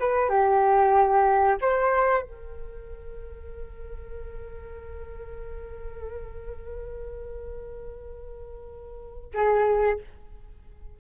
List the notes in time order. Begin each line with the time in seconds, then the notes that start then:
0.00 B4
0.30 G4
1.62 C5
2.23 A#4
9.35 G#4